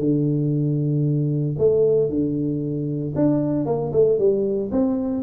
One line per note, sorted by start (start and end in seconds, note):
0.00 1.57 D3
1.59 2.10 A3
2.10 3.14 D3
3.16 3.66 D4
3.66 3.92 A#3
3.93 4.19 A3
4.19 4.71 G3
4.72 5.24 C4